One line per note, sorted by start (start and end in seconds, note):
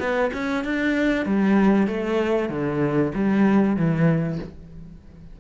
0.00 0.31 B3
0.34 0.65 C#4
0.65 1.26 D4
1.26 1.88 G3
1.88 2.50 A3
2.50 3.12 D3
3.15 3.77 G3
3.77 4.39 E3